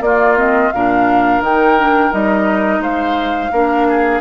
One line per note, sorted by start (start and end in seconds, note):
0.00 0.70 A#3
0.00 0.36 A#3
0.00 0.74 F4
0.00 0.37 D5
0.36 0.71 C4
0.36 0.72 D#5
0.72 1.40 A#2
0.72 1.44 D4
0.72 2.82 A#4
0.72 1.41 F5
1.40 2.10 D#3
1.40 1.78 D#4
1.40 2.12 G5
1.78 2.11 D4
2.11 2.79 G3
2.11 3.50 D#4
2.11 2.82 D#5
2.79 3.49 G#3
2.79 3.51 C5
2.79 4.21 F5
3.52 4.21 A#3
3.52 4.21 D4
3.52 3.87 A#4
3.88 4.21 G#4